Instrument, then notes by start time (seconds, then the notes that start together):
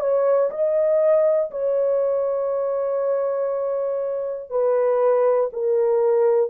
horn
0.00 C#5
0.50 D#5
1.51 C#5
4.50 B4
5.52 A#4